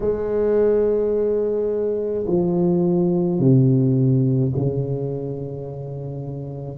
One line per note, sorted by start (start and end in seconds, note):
0.00 2.25 G#3
2.26 3.39 F3
3.39 4.52 C3
4.55 6.78 C#3